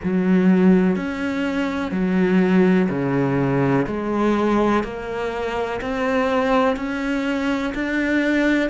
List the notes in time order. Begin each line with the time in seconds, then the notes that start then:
0.03 F#3
0.96 C#4
1.91 F#3
2.89 C#3
3.87 G#3
4.83 A#3
5.81 C4
6.76 C#4
7.74 D4